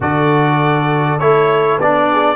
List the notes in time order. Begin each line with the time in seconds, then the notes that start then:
0.00 D3 F#4 A4 D5
1.19 A3 E4 C#5
1.77 B3 D4 D5
2.11 G#4